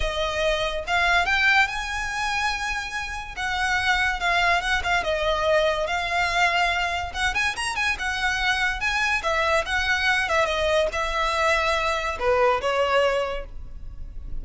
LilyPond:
\new Staff \with { instrumentName = "violin" } { \time 4/4 \tempo 4 = 143 dis''2 f''4 g''4 | gis''1 | fis''2 f''4 fis''8 f''8 | dis''2 f''2~ |
f''4 fis''8 gis''8 ais''8 gis''8 fis''4~ | fis''4 gis''4 e''4 fis''4~ | fis''8 e''8 dis''4 e''2~ | e''4 b'4 cis''2 | }